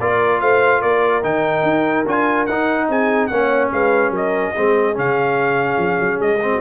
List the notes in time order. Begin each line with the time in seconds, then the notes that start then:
0.00 A#3 F4 A#4 D5
0.41 A3 C5 F5
0.81 A#3 A#4 D5
1.23 D#3 D#4 G5
1.63 D#4
2.06 D4 F4 G#5
2.46 D#4 F#5
2.88 C4 G#4 G#5
3.27 A#3 C#4 C#5 F#5
3.72 G#3 B4 F5
4.10 F#3 A#4 D#5
4.55 G#3 C4 G#4
4.94 C#3 C#4 F5
5.78 F3
6.00 F#3
6.19 G#3 D#5
6.42 C4
6.52 F#4